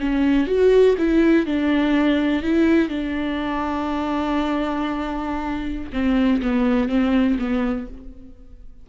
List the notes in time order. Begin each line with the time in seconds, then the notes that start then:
0.00 C#4
0.47 F#4
0.98 E4
1.46 D4
2.43 E4
2.89 D4
5.93 C4
6.42 B3
6.88 C4
7.39 B3